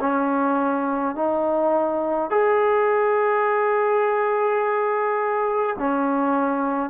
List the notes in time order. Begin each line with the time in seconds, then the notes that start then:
0.00 C#4
1.15 D#4
2.30 G#4
5.78 C#4